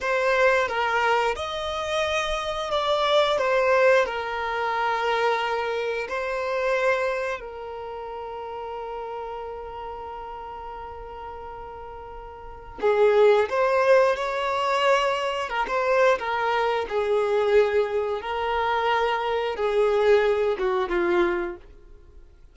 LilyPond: \new Staff \with { instrumentName = "violin" } { \time 4/4 \tempo 4 = 89 c''4 ais'4 dis''2 | d''4 c''4 ais'2~ | ais'4 c''2 ais'4~ | ais'1~ |
ais'2. gis'4 | c''4 cis''2 ais'16 c''8. | ais'4 gis'2 ais'4~ | ais'4 gis'4. fis'8 f'4 | }